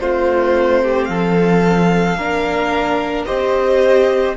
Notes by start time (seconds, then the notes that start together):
0.00 A3 C4 F4 C5
0.83 G4
1.05 F3 A4 F5
2.16 A#3 D4 A#4
3.26 C4 G4 C5 D#5